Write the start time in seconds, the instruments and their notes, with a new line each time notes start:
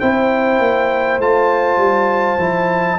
0.00 tuba C4, trombone E4, horn C5, trumpet G5
0.59 tuba A#3
1.19 tuba A3, trombone F4, trumpet A5
1.78 tuba G3
2.38 tuba F3, trombone E4